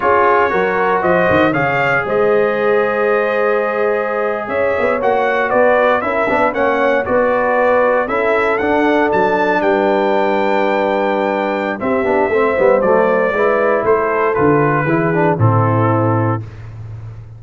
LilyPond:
<<
  \new Staff \with { instrumentName = "trumpet" } { \time 4/4 \tempo 4 = 117 cis''2 dis''4 f''4 | dis''1~ | dis''8. e''4 fis''4 d''4 e''16~ | e''8. fis''4 d''2 e''16~ |
e''8. fis''4 a''4 g''4~ g''16~ | g''2. e''4~ | e''4 d''2 c''4 | b'2 a'2 | }
  \new Staff \with { instrumentName = "horn" } { \time 4/4 gis'4 ais'4 c''4 cis''4 | c''1~ | c''8. cis''2 b'4 ais'16~ | ais'16 b'8 cis''4 b'2 a'16~ |
a'2~ a'8. b'4~ b'16~ | b'2. g'4 | c''2 b'4 a'4~ | a'4 gis'4 e'2 | }
  \new Staff \with { instrumentName = "trombone" } { \time 4/4 f'4 fis'2 gis'4~ | gis'1~ | gis'4.~ gis'16 fis'2 e'16~ | e'16 d'8 cis'4 fis'2 e'16~ |
e'8. d'2.~ d'16~ | d'2. c'8 d'8 | c'8 b8 a4 e'2 | f'4 e'8 d'8 c'2 | }
  \new Staff \with { instrumentName = "tuba" } { \time 4/4 cis'4 fis4 f8 dis8 cis4 | gis1~ | gis8. cis'8 b8 ais4 b4 cis'16~ | cis'16 b8 ais4 b2 cis'16~ |
cis'8. d'4 fis4 g4~ g16~ | g2. c'8 b8 | a8 g8 fis4 gis4 a4 | d4 e4 a,2 | }
>>